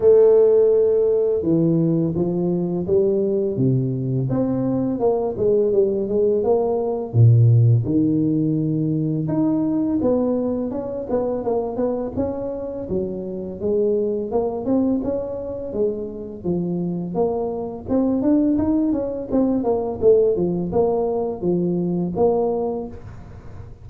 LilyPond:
\new Staff \with { instrumentName = "tuba" } { \time 4/4 \tempo 4 = 84 a2 e4 f4 | g4 c4 c'4 ais8 gis8 | g8 gis8 ais4 ais,4 dis4~ | dis4 dis'4 b4 cis'8 b8 |
ais8 b8 cis'4 fis4 gis4 | ais8 c'8 cis'4 gis4 f4 | ais4 c'8 d'8 dis'8 cis'8 c'8 ais8 | a8 f8 ais4 f4 ais4 | }